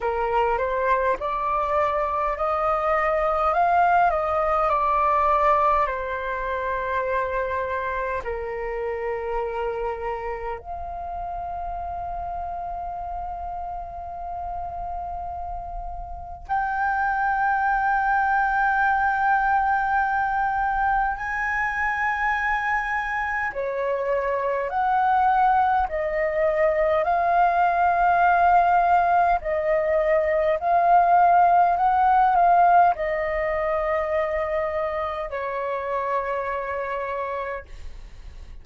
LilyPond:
\new Staff \with { instrumentName = "flute" } { \time 4/4 \tempo 4 = 51 ais'8 c''8 d''4 dis''4 f''8 dis''8 | d''4 c''2 ais'4~ | ais'4 f''2.~ | f''2 g''2~ |
g''2 gis''2 | cis''4 fis''4 dis''4 f''4~ | f''4 dis''4 f''4 fis''8 f''8 | dis''2 cis''2 | }